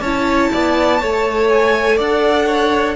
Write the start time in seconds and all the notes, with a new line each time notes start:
0.00 C#4 E4 C#5 A5
0.52 B3 D5
1.00 A3 A4 C#5
1.49 G#5
1.96 D4 D5 F#5
2.46 C#5